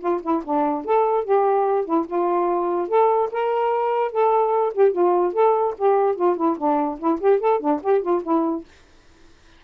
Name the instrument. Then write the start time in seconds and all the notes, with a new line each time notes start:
saxophone
0.00 F4
0.22 E4
0.44 D4
0.85 A4
1.25 G4
1.85 E4
2.07 F4
2.88 A4
3.32 A#4
4.12 A4
4.74 G4
4.92 F4
5.33 A4
5.78 G4
6.16 F4
6.37 E4
6.58 D4
6.99 E4
7.21 G4
7.40 A4
7.60 D4
7.83 G4
8.02 F4
8.23 E4